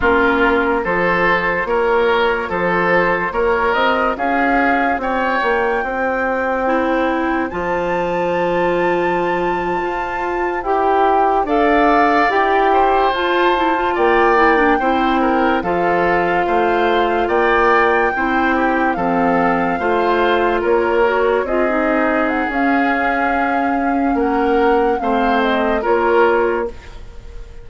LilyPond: <<
  \new Staff \with { instrumentName = "flute" } { \time 4/4 \tempo 4 = 72 ais'4 c''4 cis''4 c''4 | cis''8 dis''8 f''4 g''2~ | g''4 a''2.~ | a''8. g''4 f''4 g''4 a''16~ |
a''8. g''2 f''4~ f''16~ | f''8. g''2 f''4~ f''16~ | f''8. cis''4 dis''4 fis''16 f''4~ | f''4 fis''4 f''8 dis''8 cis''4 | }
  \new Staff \with { instrumentName = "oboe" } { \time 4/4 f'4 a'4 ais'4 a'4 | ais'4 gis'4 cis''4 c''4~ | c''1~ | c''4.~ c''16 d''4. c''8.~ |
c''8. d''4 c''8 ais'8 a'4 c''16~ | c''8. d''4 c''8 g'8 a'4 c''16~ | c''8. ais'4 gis'2~ gis'16~ | gis'4 ais'4 c''4 ais'4 | }
  \new Staff \with { instrumentName = "clarinet" } { \time 4/4 cis'4 f'2.~ | f'1 | e'4 f'2.~ | f'8. g'4 a'4 g'4 f'16~ |
f'16 e'16 f'8. e'16 d'16 e'4 f'4~ f'16~ | f'4.~ f'16 e'4 c'4 f'16~ | f'4~ f'16 fis'8 f'16 dis'4 cis'4~ | cis'2 c'4 f'4 | }
  \new Staff \with { instrumentName = "bassoon" } { \time 4/4 ais4 f4 ais4 f4 | ais8 c'8 cis'4 c'8 ais8 c'4~ | c'4 f2~ f8. f'16~ | f'8. e'4 d'4 e'4 f'16~ |
f'8. ais4 c'4 f4 a16~ | a8. ais4 c'4 f4 a16~ | a8. ais4 c'4~ c'16 cis'4~ | cis'4 ais4 a4 ais4 | }
>>